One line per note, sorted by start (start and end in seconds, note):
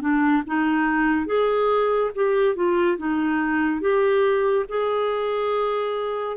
0.00 0.42 D4
0.46 1.26 D#4
1.26 2.10 G#4
2.15 2.55 G4
2.55 2.97 F4
2.97 3.81 D#4
3.81 4.65 G4
4.68 6.36 G#4